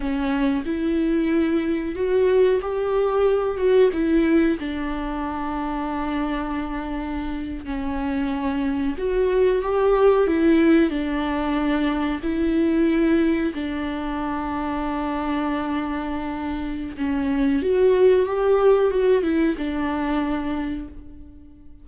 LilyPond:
\new Staff \with { instrumentName = "viola" } { \time 4/4 \tempo 4 = 92 cis'4 e'2 fis'4 | g'4. fis'8 e'4 d'4~ | d'2.~ d'8. cis'16~ | cis'4.~ cis'16 fis'4 g'4 e'16~ |
e'8. d'2 e'4~ e'16~ | e'8. d'2.~ d'16~ | d'2 cis'4 fis'4 | g'4 fis'8 e'8 d'2 | }